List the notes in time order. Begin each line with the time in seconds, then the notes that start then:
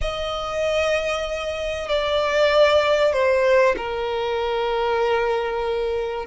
0.01 D#5
1.89 D5
3.12 C5
3.77 A#4